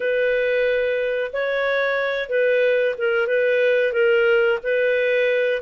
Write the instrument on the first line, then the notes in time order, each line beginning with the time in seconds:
clarinet
0.00 B4
1.32 C#5
2.29 B4
2.98 A#4
3.27 B4
3.92 A#4
4.63 B4